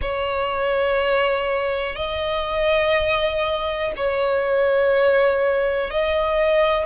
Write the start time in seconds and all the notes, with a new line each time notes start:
0.01 C#5
1.95 D#5
3.96 C#5
5.90 D#5